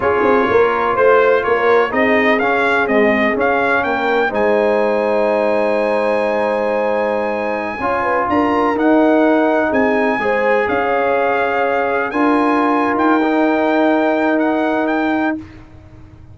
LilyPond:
<<
  \new Staff \with { instrumentName = "trumpet" } { \time 4/4 \tempo 4 = 125 cis''2 c''4 cis''4 | dis''4 f''4 dis''4 f''4 | g''4 gis''2.~ | gis''1~ |
gis''4~ gis''16 ais''4 fis''4.~ fis''16~ | fis''16 gis''2 f''4.~ f''16~ | f''4~ f''16 gis''4.~ gis''16 g''4~ | g''2 fis''4 g''4 | }
  \new Staff \with { instrumentName = "horn" } { \time 4/4 gis'4 ais'4 c''4 ais'4 | gis'1 | ais'4 c''2.~ | c''1~ |
c''16 cis''8 b'8 ais'2~ ais'8.~ | ais'16 gis'4 c''4 cis''4.~ cis''16~ | cis''4~ cis''16 ais'2~ ais'8.~ | ais'1 | }
  \new Staff \with { instrumentName = "trombone" } { \time 4/4 f'1 | dis'4 cis'4 gis4 cis'4~ | cis'4 dis'2.~ | dis'1~ |
dis'16 f'2 dis'4.~ dis'16~ | dis'4~ dis'16 gis'2~ gis'8.~ | gis'4~ gis'16 f'2~ f'16 dis'8~ | dis'1 | }
  \new Staff \with { instrumentName = "tuba" } { \time 4/4 cis'8 c'8 ais4 a4 ais4 | c'4 cis'4 c'4 cis'4 | ais4 gis2.~ | gis1~ |
gis16 cis'4 d'4 dis'4.~ dis'16~ | dis'16 c'4 gis4 cis'4.~ cis'16~ | cis'4~ cis'16 d'4.~ d'16 dis'4~ | dis'1 | }
>>